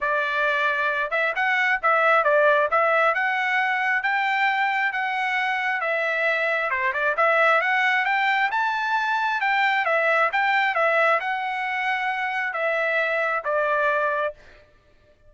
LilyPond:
\new Staff \with { instrumentName = "trumpet" } { \time 4/4 \tempo 4 = 134 d''2~ d''8 e''8 fis''4 | e''4 d''4 e''4 fis''4~ | fis''4 g''2 fis''4~ | fis''4 e''2 c''8 d''8 |
e''4 fis''4 g''4 a''4~ | a''4 g''4 e''4 g''4 | e''4 fis''2. | e''2 d''2 | }